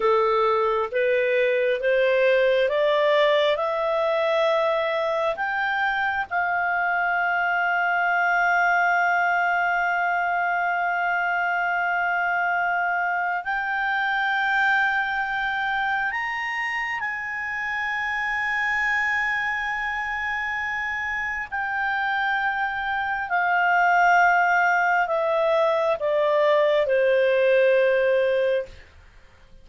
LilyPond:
\new Staff \with { instrumentName = "clarinet" } { \time 4/4 \tempo 4 = 67 a'4 b'4 c''4 d''4 | e''2 g''4 f''4~ | f''1~ | f''2. g''4~ |
g''2 ais''4 gis''4~ | gis''1 | g''2 f''2 | e''4 d''4 c''2 | }